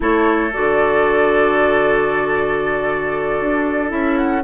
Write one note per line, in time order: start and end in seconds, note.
0.00 0.53 A3
0.00 0.50 E4
0.00 4.43 A4
0.00 0.53 C#5
0.53 3.40 D3
0.53 3.88 F#4
0.53 3.91 D5
3.40 3.91 D4
3.88 4.43 C#4
3.88 4.41 E4
3.88 4.17 E5
4.17 4.43 F#5